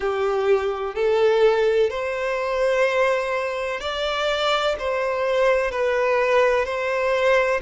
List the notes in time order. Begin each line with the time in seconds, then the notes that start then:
0.00 G4
0.94 A4
1.90 C5
3.80 D5
4.78 C5
5.71 B4
6.65 C5